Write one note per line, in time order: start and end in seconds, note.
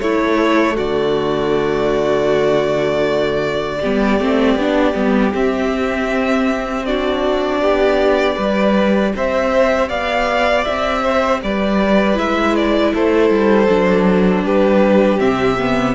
0.00 3.80 A3
0.00 0.78 A3
0.00 0.76 E4
0.00 0.77 C#5
0.76 3.83 D3
0.76 3.79 F#4
0.76 5.33 D5
3.80 4.20 G3
3.80 4.21 B3
3.80 6.84 G4
4.20 4.56 A3
4.20 4.59 C4
4.56 4.94 B3
4.56 4.94 D4
4.94 5.34 G3
4.94 5.32 B3
5.34 6.86 C4
5.34 7.61 C4
5.34 6.86 E5
6.86 8.38 D4
6.86 7.63 F#4
6.86 9.14 D5
7.61 8.37 B3
7.61 8.37 G4
8.37 9.15 G3
8.37 12.15 G4
8.37 9.12 B4
9.16 9.90 C4
9.16 9.89 C5
9.16 9.90 E5
9.89 10.66 B3
9.89 11.03 D5
9.89 10.65 F5
10.65 11.43 C4
10.65 11.41 E5
11.03 11.41 C5
11.43 12.18 G3
11.43 12.94 B4
11.43 12.19 D5
12.15 12.94 G#3
12.15 13.67 E4
12.15 12.56 E5
12.56 12.94 D5
12.94 13.31 A3
12.94 14.45 A4
12.94 14.46 C5
13.31 13.69 G3
13.69 14.44 F#3
13.69 15.19 D4
14.44 15.20 G3
14.44 15.96 G4
14.44 15.20 B4
15.19 15.96 C3
15.19 15.57 C4
15.19 15.96 E5
15.60 15.96 B3